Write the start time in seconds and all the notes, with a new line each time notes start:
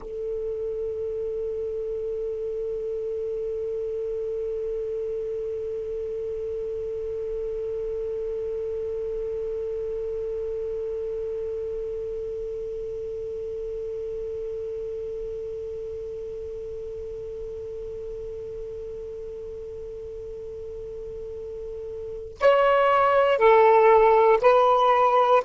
0.00 A4
22.40 C#5
23.38 A4
24.41 B4